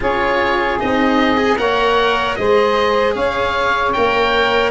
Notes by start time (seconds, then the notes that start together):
0.00 C#4 F4 G#4 C#5
0.79 C4 D#4 D#5
1.37 G#4
1.57 A#3 A#4 C#5 F#5
2.35 G#3 G#4 C5 D#5
3.13 C#4 C#5 F5
3.92 A#3 A#4 G5